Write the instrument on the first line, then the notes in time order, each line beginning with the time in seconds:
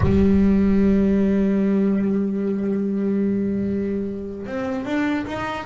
double bass
0.00 G3
4.46 C4
4.85 D4
5.26 D#4